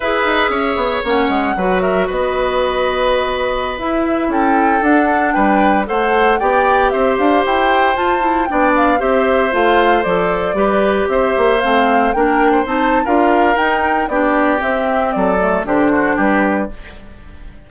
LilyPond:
<<
  \new Staff \with { instrumentName = "flute" } { \time 4/4 \tempo 4 = 115 e''2 fis''4. e''8 | dis''2.~ dis''16 e''8.~ | e''16 g''4 fis''4 g''4 fis''8.~ | fis''16 g''4 e''8 f''8 g''4 a''8.~ |
a''16 g''8 f''8 e''4 f''4 d''8.~ | d''4~ d''16 e''4 f''4 g''8.~ | g''16 a''8. f''4 g''4 d''4 | e''4 d''4 c''4 b'4 | }
  \new Staff \with { instrumentName = "oboe" } { \time 4/4 b'4 cis''2 b'8 ais'8 | b'1~ | b'16 a'2 b'4 c''8.~ | c''16 d''4 c''2~ c''8.~ |
c''16 d''4 c''2~ c''8.~ | c''16 b'4 c''2 ais'8. | c''4 ais'2 g'4~ | g'4 a'4 g'8 fis'8 g'4 | }
  \new Staff \with { instrumentName = "clarinet" } { \time 4/4 gis'2 cis'4 fis'4~ | fis'2.~ fis'16 e'8.~ | e'4~ e'16 d'2 a'8.~ | a'16 g'2. f'8 e'16~ |
e'16 d'4 g'4 f'4 a'8.~ | a'16 g'2 c'4 d'8.~ | d'16 dis'8. f'4 dis'4 d'4 | c'4. a8 d'2 | }
  \new Staff \with { instrumentName = "bassoon" } { \time 4/4 e'8 dis'8 cis'8 b8 ais8 gis8 fis4 | b2.~ b16 e'8.~ | e'16 cis'4 d'4 g4 a8.~ | a16 b4 c'8 d'8 e'4 f'8.~ |
f'16 b4 c'4 a4 f8.~ | f16 g4 c'8 ais8 a4 ais8.~ | ais16 c'8. d'4 dis'4 b4 | c'4 fis4 d4 g4 | }
>>